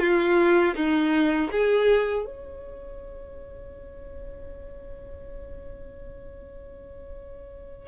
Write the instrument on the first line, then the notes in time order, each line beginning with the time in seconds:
violin
0.00 F4
0.76 D#4
1.52 G#4
2.26 C#5